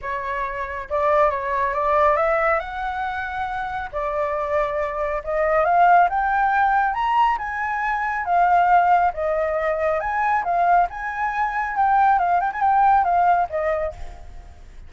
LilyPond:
\new Staff \with { instrumentName = "flute" } { \time 4/4 \tempo 4 = 138 cis''2 d''4 cis''4 | d''4 e''4 fis''2~ | fis''4 d''2. | dis''4 f''4 g''2 |
ais''4 gis''2 f''4~ | f''4 dis''2 gis''4 | f''4 gis''2 g''4 | f''8 g''16 gis''16 g''4 f''4 dis''4 | }